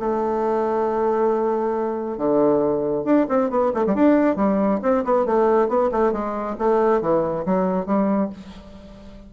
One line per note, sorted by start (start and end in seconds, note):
0.00 2.18 A3
2.18 3.05 D3
3.05 3.27 D4
3.29 3.51 C4
3.51 3.72 B3
3.75 3.86 A3
3.87 3.95 G3
3.95 4.37 D4
4.37 4.80 G3
4.83 5.05 C4
5.05 5.26 B3
5.26 5.69 A3
5.69 5.91 B3
5.92 6.13 A3
6.13 6.57 G#3
6.59 7.02 A3
7.02 7.45 E3
7.46 7.86 F#3
7.86 8.30 G3